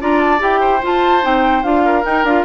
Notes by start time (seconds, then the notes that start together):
0.00 D4 F4 D5 A#5
0.20 A5
0.38 E4 G4 G5
0.60 C5
0.82 F4 A5
1.21 C4 D#4 G5
1.63 D4 F4 F5
1.85 A#4
2.03 D#4 G5
2.24 D4 F4 F5